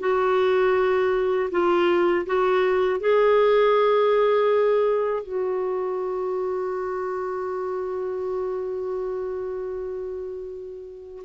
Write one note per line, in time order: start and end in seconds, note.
0.00 1.50 F#4
1.51 2.26 F4
2.26 3.00 F#4
3.00 5.23 G#4
5.23 11.23 F#4